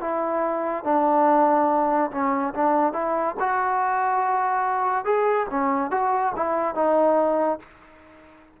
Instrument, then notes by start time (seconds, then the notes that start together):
trombone
0.00 E4
0.83 D4
2.11 C#4
2.54 D4
2.92 E4
3.39 F#4
5.04 G#4
5.50 C#4
5.90 F#4
6.35 E4
6.74 D#4